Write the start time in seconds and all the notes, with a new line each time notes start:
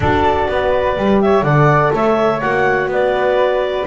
0.00 D4 F#4 A4 D5
0.48 B3 B4
0.96 G3 G4
1.21 C#5 E5
1.42 D3 A4 D5 F#5
1.93 A3 C#5 E5
2.40 A#3 F#4 F#5
2.87 B3 B4 D5